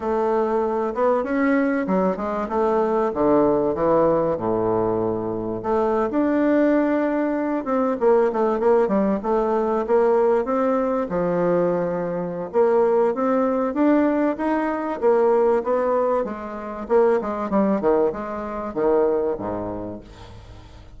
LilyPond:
\new Staff \with { instrumentName = "bassoon" } { \time 4/4 \tempo 4 = 96 a4. b8 cis'4 fis8 gis8 | a4 d4 e4 a,4~ | a,4 a8. d'2~ d'16~ | d'16 c'8 ais8 a8 ais8 g8 a4 ais16~ |
ais8. c'4 f2~ f16 | ais4 c'4 d'4 dis'4 | ais4 b4 gis4 ais8 gis8 | g8 dis8 gis4 dis4 gis,4 | }